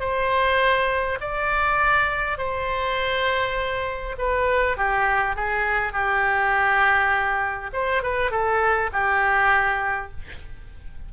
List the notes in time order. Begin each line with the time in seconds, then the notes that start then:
0.00 C5
1.21 D5
2.38 C5
4.19 B4
4.77 G4
5.36 G#4
5.93 G4
7.73 C5
8.03 B4
8.31 A4
8.93 G4